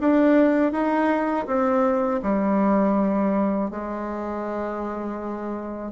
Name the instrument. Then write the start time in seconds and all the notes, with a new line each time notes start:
bassoon
0.00 D4
0.72 D#4
1.46 C4
2.22 G3
3.70 G#3